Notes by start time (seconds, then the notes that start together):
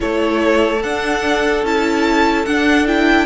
0.00 A3 E4 A4 C#5
0.83 D4 F#5
1.63 C#4 E4 A5
2.45 D4 F#5
2.86 E4 G5